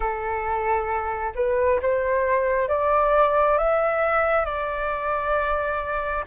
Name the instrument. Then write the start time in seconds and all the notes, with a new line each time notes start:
flute
0.00 A4
1.35 B4
1.82 C5
2.68 D5
3.58 E5
4.45 D5